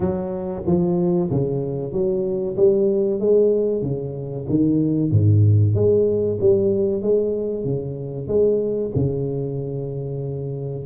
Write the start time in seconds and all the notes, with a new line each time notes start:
0.00 F#3
0.66 F3
1.31 C#3
1.92 F#3
2.56 G3
3.20 G#3
3.82 C#3
4.49 D#3
5.11 G#2
5.74 G#3
6.40 G3
7.02 G#3
7.64 C#3
8.27 G#3
8.95 C#3